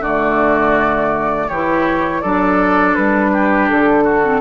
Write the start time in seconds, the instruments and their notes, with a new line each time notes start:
0.00 bassoon D3, clarinet A3, oboe F#4, flute D5
1.48 bassoon E3, clarinet E4, oboe G4, flute C#5
2.22 bassoon F#3, clarinet D4, oboe A4, flute D5
2.95 bassoon G3, flute B4
3.32 oboe G4
3.69 bassoon D3, flute A4
4.04 oboe F#4
4.23 clarinet C4